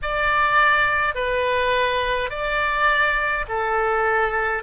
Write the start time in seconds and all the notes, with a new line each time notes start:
0.02 D5
1.14 B4
2.30 D5
3.48 A4